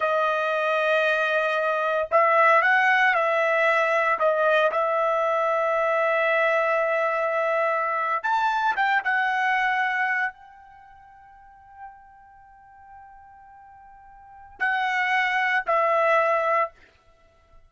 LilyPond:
\new Staff \with { instrumentName = "trumpet" } { \time 4/4 \tempo 4 = 115 dis''1 | e''4 fis''4 e''2 | dis''4 e''2.~ | e''2.~ e''8. a''16~ |
a''8. g''8 fis''2~ fis''8 g''16~ | g''1~ | g''1 | fis''2 e''2 | }